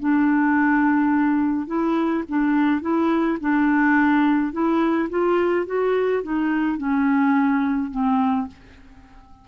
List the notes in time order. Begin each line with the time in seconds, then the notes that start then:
0.00 D4
1.67 E4
2.29 D4
2.82 E4
3.41 D4
4.53 E4
5.10 F4
5.66 F#4
6.23 D#4
6.78 C#4
7.91 C4